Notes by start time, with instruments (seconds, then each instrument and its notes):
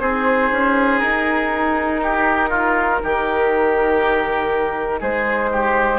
0.00 bassoon C4, clarinet D#4, oboe G#4, flute C5
0.52 bassoon C#4
1.00 bassoon D#4, flute A#4
2.03 oboe G4
2.50 oboe F4
3.03 bassoon D#3, oboe G4
5.00 bassoon G#3, oboe G#4, flute C5
5.52 oboe G4